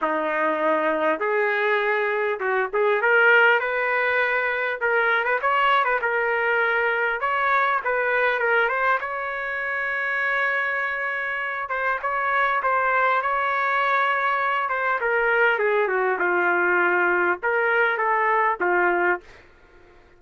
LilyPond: \new Staff \with { instrumentName = "trumpet" } { \time 4/4 \tempo 4 = 100 dis'2 gis'2 | fis'8 gis'8 ais'4 b'2 | ais'8. b'16 cis''8. b'16 ais'2 | cis''4 b'4 ais'8 c''8 cis''4~ |
cis''2.~ cis''8 c''8 | cis''4 c''4 cis''2~ | cis''8 c''8 ais'4 gis'8 fis'8 f'4~ | f'4 ais'4 a'4 f'4 | }